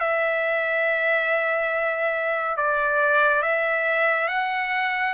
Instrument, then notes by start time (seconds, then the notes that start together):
trumpet
0.00 E5
2.57 D5
3.42 E5
4.28 F#5